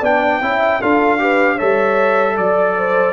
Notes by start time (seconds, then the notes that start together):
0.00 B3 D4 D5 G5
0.41 C#4 E4 E5
0.81 D4 F4 A4 F5
1.19 G4 B4
1.55 G3 A4 C#5 E5
2.36 F#3 D5
2.77 C5